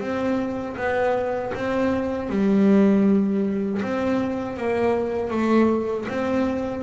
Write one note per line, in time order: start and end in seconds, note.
0.00 0.76 C4
0.77 1.53 B3
1.55 2.29 C4
2.29 3.81 G3
3.82 4.57 C4
4.57 5.30 A#3
5.30 6.06 A3
6.08 6.83 C4